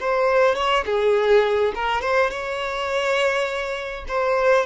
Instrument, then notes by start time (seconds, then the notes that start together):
violin
0.00 C5
0.55 C#5
0.86 G#4
1.75 A#4
2.02 C5
2.30 C#5
4.08 C5